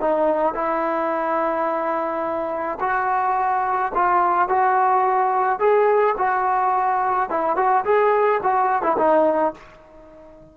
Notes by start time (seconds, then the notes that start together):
0.00 D#4
0.54 E4
2.80 F#4
3.95 F4
4.49 F#4
5.59 G#4
6.18 F#4
7.29 E4
7.56 F#4
7.84 G#4
8.43 F#4
8.82 E4
8.97 D#4